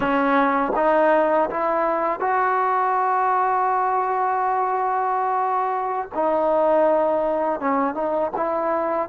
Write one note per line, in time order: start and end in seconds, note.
0.00 0.72 C#4
0.75 1.49 D#4
1.49 2.20 E4
2.20 6.09 F#4
6.14 7.60 D#4
7.60 7.94 C#4
7.94 8.31 D#4
8.36 9.08 E4